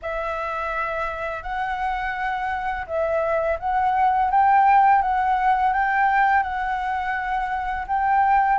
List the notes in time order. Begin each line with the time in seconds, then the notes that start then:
0.02 E5
1.43 F#5
2.86 E5
3.59 F#5
4.31 G5
5.02 F#5
5.73 G5
6.43 F#5
7.87 G5